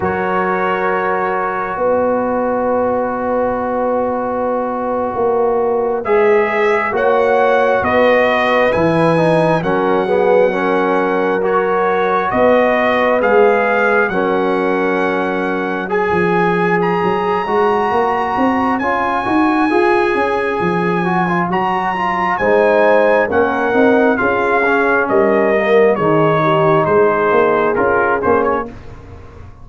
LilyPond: <<
  \new Staff \with { instrumentName = "trumpet" } { \time 4/4 \tempo 4 = 67 cis''2 dis''2~ | dis''2~ dis''8. e''4 fis''16~ | fis''8. dis''4 gis''4 fis''4~ fis''16~ | fis''8. cis''4 dis''4 f''4 fis''16~ |
fis''4.~ fis''16 gis''4 ais''4~ ais''16~ | ais''4 gis''2. | ais''4 gis''4 fis''4 f''4 | dis''4 cis''4 c''4 ais'8 c''16 cis''16 | }
  \new Staff \with { instrumentName = "horn" } { \time 4/4 ais'2 b'2~ | b'2.~ b'8. cis''16~ | cis''8. b'2 ais'8 gis'8 ais'16~ | ais'4.~ ais'16 b'2 ais'16~ |
ais'4.~ ais'16 cis''2~ cis''16~ | cis''1~ | cis''4 c''4 ais'4 gis'4 | ais'4 gis'8 g'8 gis'2 | }
  \new Staff \with { instrumentName = "trombone" } { \time 4/4 fis'1~ | fis'2~ fis'8. gis'4 fis'16~ | fis'4.~ fis'16 e'8 dis'8 cis'8 b8 cis'16~ | cis'8. fis'2 gis'4 cis'16~ |
cis'4.~ cis'16 gis'4.~ gis'16 fis'8~ | fis'4 f'8 fis'8 gis'4. fis'16 f'16 | fis'8 f'8 dis'4 cis'8 dis'8 f'8 cis'8~ | cis'8 ais8 dis'2 f'8 cis'8 | }
  \new Staff \with { instrumentName = "tuba" } { \time 4/4 fis2 b2~ | b4.~ b16 ais4 gis4 ais16~ | ais8. b4 e4 fis4~ fis16~ | fis4.~ fis16 b4 gis4 fis16~ |
fis2 f4 fis8 gis8 | ais8 c'8 cis'8 dis'8 f'8 cis'8 f4 | fis4 gis4 ais8 c'8 cis'4 | g4 dis4 gis8 ais8 cis'8 ais8 | }
>>